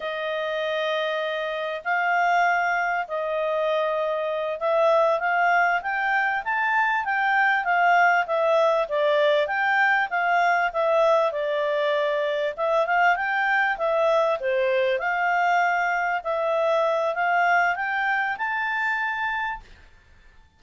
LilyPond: \new Staff \with { instrumentName = "clarinet" } { \time 4/4 \tempo 4 = 98 dis''2. f''4~ | f''4 dis''2~ dis''8 e''8~ | e''8 f''4 g''4 a''4 g''8~ | g''8 f''4 e''4 d''4 g''8~ |
g''8 f''4 e''4 d''4.~ | d''8 e''8 f''8 g''4 e''4 c''8~ | c''8 f''2 e''4. | f''4 g''4 a''2 | }